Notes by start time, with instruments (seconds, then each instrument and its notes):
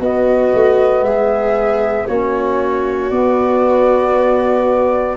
0.00 tuba B3, trombone B3, viola F#4, flute D#5
0.54 tuba A3
1.02 tuba G#3, viola G#4, flute E5
2.07 tuba A#3, trombone C#4, viola F#4, flute C#5
3.10 tuba B3, trombone B3, flute D5